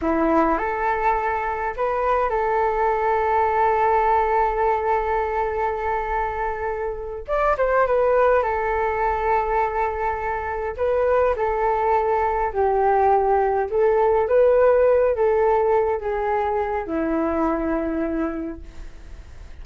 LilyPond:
\new Staff \with { instrumentName = "flute" } { \time 4/4 \tempo 4 = 103 e'4 a'2 b'4 | a'1~ | a'1~ | a'8 d''8 c''8 b'4 a'4.~ |
a'2~ a'8 b'4 a'8~ | a'4. g'2 a'8~ | a'8 b'4. a'4. gis'8~ | gis'4 e'2. | }